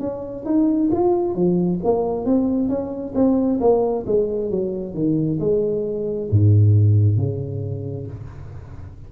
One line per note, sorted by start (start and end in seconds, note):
0.00 0.45 C#4
0.46 0.90 D#4
0.92 1.35 F4
1.35 1.80 F3
1.84 2.26 A#3
2.26 2.69 C4
2.69 3.14 C#4
3.15 3.60 C4
3.61 4.05 A#3
4.07 4.51 G#3
4.51 4.95 F#3
4.95 5.39 D#3
5.40 6.29 G#3
6.31 7.18 G#2
7.18 8.07 C#3